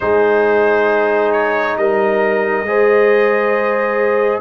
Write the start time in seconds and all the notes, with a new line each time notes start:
0.00 G#3 D#4 G#4 C5
1.31 C#5
1.76 G3 A#4 D#5
2.62 G#3 G#4 C5